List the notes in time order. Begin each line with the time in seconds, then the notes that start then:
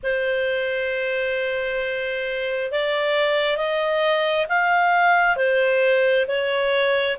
0.03 C5
2.71 D5
3.57 D#5
4.49 F5
5.36 C5
6.27 C#5